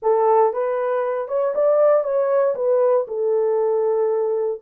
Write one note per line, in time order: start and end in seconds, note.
0.02 0.53 A4
0.53 1.28 B4
1.28 1.53 C#5
1.55 2.03 D5
2.03 2.55 C#5
2.55 3.06 B4
3.07 4.61 A4